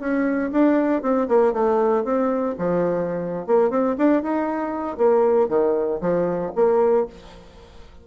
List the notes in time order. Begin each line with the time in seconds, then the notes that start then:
0.00 C#4
0.52 D4
1.02 C4
1.28 A#3
1.53 A3
2.04 C4
2.59 F3
3.47 A#3
3.70 C4
3.98 D4
4.23 D#4
4.98 A#3
5.49 D#3
6.01 F3
6.56 A#3